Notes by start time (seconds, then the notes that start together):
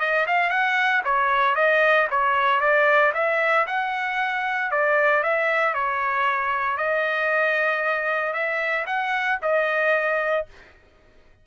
0.00 D#5
0.27 F5
0.50 F#5
1.05 C#5
1.56 D#5
2.11 C#5
2.61 D5
3.14 E5
3.67 F#5
4.71 D5
5.23 E5
5.74 C#5
6.77 D#5
8.33 E5
8.87 F#5
9.42 D#5